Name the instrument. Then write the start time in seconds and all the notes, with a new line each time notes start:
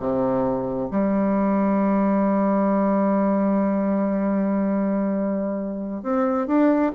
bassoon
0.00 C3
0.91 G3
6.03 C4
6.48 D4